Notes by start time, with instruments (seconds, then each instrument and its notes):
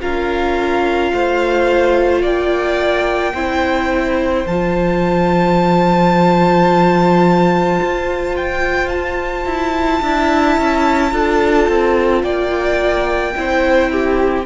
0.00 cello C#4, viola F4, violin A#4 F5
1.12 cello A3, violin C5
2.22 cello A#3, violin D5 G5
3.34 cello C4, viola E4, violin C5
4.47 cello F3, viola F4, violin A5
7.81 cello F4
8.37 violin G5
8.89 violin A5
9.46 cello E4
10.02 cello D4, viola E4, violin E5
10.58 cello C#4
11.12 cello D4, viola F4, violin A4
11.69 cello C4
12.23 cello A#3, violin D5 G5
13.35 cello C4, viola E4, violin C5
13.91 violin G4